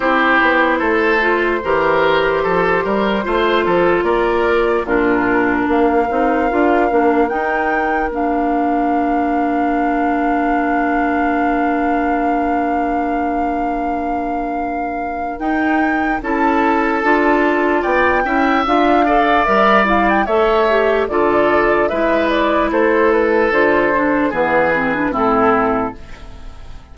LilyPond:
<<
  \new Staff \with { instrumentName = "flute" } { \time 4/4 \tempo 4 = 74 c''1~ | c''4 d''4 ais'4 f''4~ | f''4 g''4 f''2~ | f''1~ |
f''2. g''4 | a''2 g''4 f''4 | e''8 f''16 g''16 e''4 d''4 e''8 d''8 | c''8 b'8 c''4 b'4 a'4 | }
  \new Staff \with { instrumentName = "oboe" } { \time 4/4 g'4 a'4 ais'4 a'8 ais'8 | c''8 a'8 ais'4 f'4 ais'4~ | ais'1~ | ais'1~ |
ais'1 | a'2 d''8 e''4 d''8~ | d''4 cis''4 a'4 b'4 | a'2 gis'4 e'4 | }
  \new Staff \with { instrumentName = "clarinet" } { \time 4/4 e'4. f'8 g'2 | f'2 d'4. dis'8 | f'8 d'8 dis'4 d'2~ | d'1~ |
d'2. dis'4 | e'4 f'4. e'8 f'8 a'8 | ais'8 e'8 a'8 g'8 f'4 e'4~ | e'4 f'8 d'8 b8 c'16 d'16 c'4 | }
  \new Staff \with { instrumentName = "bassoon" } { \time 4/4 c'8 b8 a4 e4 f8 g8 | a8 f8 ais4 ais,4 ais8 c'8 | d'8 ais8 dis'4 ais2~ | ais1~ |
ais2. dis'4 | cis'4 d'4 b8 cis'8 d'4 | g4 a4 d4 gis4 | a4 d4 e4 a,4 | }
>>